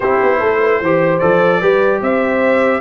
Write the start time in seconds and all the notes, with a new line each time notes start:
0.00 C4 E4 G4 C5
0.22 B3
0.39 A3 A4
0.61 B4
0.81 E3 G4 C5
1.18 F3 A4 D5
1.60 G3 G4 B4
2.01 C4 C5 E5